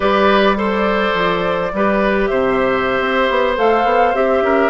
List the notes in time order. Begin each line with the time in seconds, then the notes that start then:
0.00 G3 G4 B4 D5
0.56 A4 C5
0.71 D5
1.14 F3
1.72 G3 G4 B4
2.26 C3 C5 E5
3.00 C4
3.29 B3
3.56 A3 A4 F5
3.84 B3
4.14 C4 G4 E5
4.41 C#4 A#4